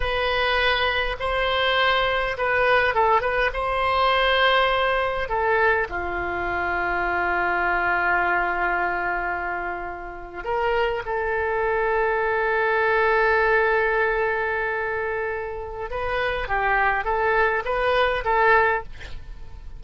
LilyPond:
\new Staff \with { instrumentName = "oboe" } { \time 4/4 \tempo 4 = 102 b'2 c''2 | b'4 a'8 b'8 c''2~ | c''4 a'4 f'2~ | f'1~ |
f'4.~ f'16 ais'4 a'4~ a'16~ | a'1~ | a'2. b'4 | g'4 a'4 b'4 a'4 | }